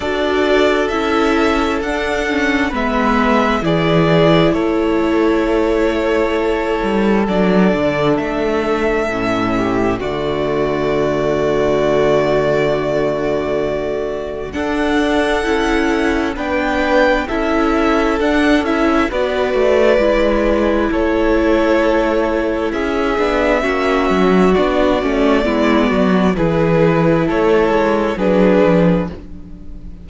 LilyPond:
<<
  \new Staff \with { instrumentName = "violin" } { \time 4/4 \tempo 4 = 66 d''4 e''4 fis''4 e''4 | d''4 cis''2. | d''4 e''2 d''4~ | d''1 |
fis''2 g''4 e''4 | fis''8 e''8 d''2 cis''4~ | cis''4 e''2 d''4~ | d''4 b'4 cis''4 b'4 | }
  \new Staff \with { instrumentName = "violin" } { \time 4/4 a'2. b'4 | gis'4 a'2.~ | a'2~ a'8 g'8 fis'4~ | fis'1 |
a'2 b'4 a'4~ | a'4 b'2 a'4~ | a'4 gis'4 fis'2 | e'8 fis'8 gis'4 a'4 gis'4 | }
  \new Staff \with { instrumentName = "viola" } { \time 4/4 fis'4 e'4 d'8 cis'8 b4 | e'1 | d'2 cis'4 a4~ | a1 |
d'4 e'4 d'4 e'4 | d'8 e'8 fis'4 e'2~ | e'4. d'8 cis'4 d'8 cis'8 | b4 e'2 d'4 | }
  \new Staff \with { instrumentName = "cello" } { \time 4/4 d'4 cis'4 d'4 gis4 | e4 a2~ a8 g8 | fis8 d8 a4 a,4 d4~ | d1 |
d'4 cis'4 b4 cis'4 | d'8 cis'8 b8 a8 gis4 a4~ | a4 cis'8 b8 ais8 fis8 b8 a8 | gis8 fis8 e4 a8 gis8 fis8 f8 | }
>>